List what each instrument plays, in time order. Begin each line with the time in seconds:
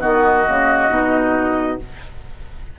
0.00 bassoon D#3, clarinet B3, oboe F#4, flute D#5
0.46 bassoon C#3, clarinet A#3
0.89 bassoon B2, clarinet D#4